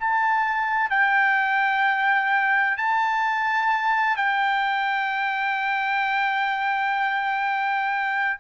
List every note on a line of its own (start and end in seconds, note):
0.00 0.90 A5
0.90 2.77 G5
2.77 4.17 A5
4.17 8.39 G5